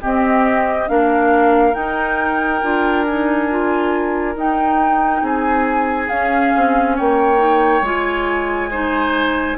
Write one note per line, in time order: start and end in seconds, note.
0.00 0.87 C4
0.00 0.88 C4
0.00 0.88 G4
0.00 0.88 D#5
0.87 1.74 A#3
0.87 1.73 D4
0.87 5.22 A#4
0.87 1.74 F5
1.73 2.60 D#4
1.73 2.61 D#4
1.73 3.04 G5
2.62 4.35 D4
2.62 3.06 F4
3.05 3.50 D#4
3.05 4.35 G#5
3.50 4.35 F4
4.35 5.22 D#4
4.35 6.09 D#4
4.35 5.25 G5
5.22 6.09 C4
5.22 6.95 G#4
5.22 6.09 G#5
6.09 7.37 C#4
6.09 6.52 C#4
6.09 6.95 F5
6.56 6.99 C4
6.95 7.81 A#3
6.95 8.69 C#5
6.95 7.84 G5
7.37 7.80 D#4
7.81 9.55 G#3
7.81 8.71 F4
7.81 9.57 G#5
8.70 9.57 D#4
8.70 9.57 C5